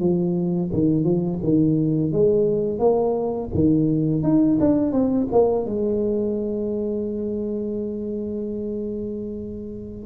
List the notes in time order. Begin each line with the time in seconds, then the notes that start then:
0.00 F3
0.73 D#3
1.04 F3
1.43 D#3
2.12 G#3
2.79 A#3
3.54 D#3
4.23 D#4
4.60 D4
4.93 C4
5.32 A#3
5.66 G#3